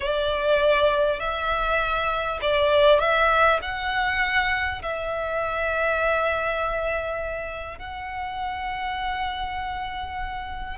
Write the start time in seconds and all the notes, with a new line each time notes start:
0.00 D5
1.19 E5
2.41 D5
2.99 E5
3.62 F#5
4.82 E5
7.78 F#5